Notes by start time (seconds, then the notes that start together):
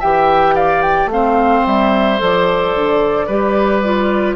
0.00 E3 G4 E5 G5
0.55 D5 F5
0.82 G5
1.06 A3 C4 F5
1.13 C5
1.67 G3 E5
2.18 F3 A4 D5
2.75 D3
3.27 G3 G4 B4
3.84 F4